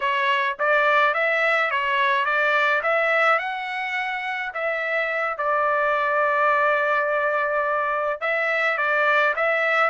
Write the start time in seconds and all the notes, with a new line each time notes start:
0.00 C#5
0.59 D5
1.14 E5
1.70 C#5
2.25 D5
2.82 E5
3.39 F#5
4.54 E5
5.37 D5
8.20 E5
8.77 D5
9.36 E5